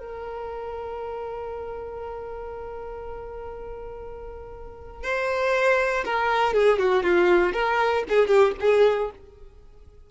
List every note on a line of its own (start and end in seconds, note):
0.00 5.04 A#4
5.04 6.05 C5
6.05 6.54 A#4
6.54 6.79 G#4
6.79 7.03 F#4
7.03 7.54 F4
7.54 8.04 A#4
8.09 8.27 G#4
8.27 8.53 G4
8.61 9.11 G#4